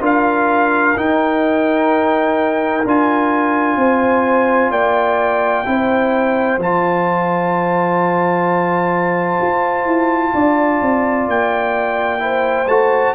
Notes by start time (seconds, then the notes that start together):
0.00 D4 F4 A#4 F5
0.96 D#4 G5
2.84 D4 F4 G#5
3.76 C4 C5
4.71 A#3 D5 G5
5.65 C4 E4 C5
6.58 F3 F4 A5
9.41 F4
9.85 E4
10.34 D4 D5
10.81 C4
11.28 A#3 G5
12.19 E4 C5
12.67 A3 F#4 A5